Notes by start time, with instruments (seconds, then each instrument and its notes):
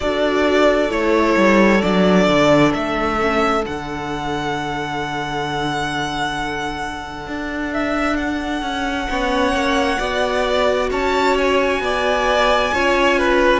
0.00 cello D4, viola F#4, violin A4 D5
0.89 cello A3, viola E4, violin C#5
1.36 cello G3
1.81 cello F#3, viola D4, violin D5
2.27 cello D3
2.73 cello A3, violin E5
3.19 viola C#4
3.63 cello D3, viola D4, violin F#5
7.27 cello D4
7.73 violin E5
8.16 violin F#5
8.62 cello C#4
9.08 cello B3, viola C#4, violin C#5
9.52 cello A#3
9.98 cello B3, viola F#4, violin D5
10.90 cello C#4, violin C#5 A5
11.37 violin G#5
11.80 cello B3, violin D5
12.73 cello C#4, viola F4, violin C#5
13.18 violin B4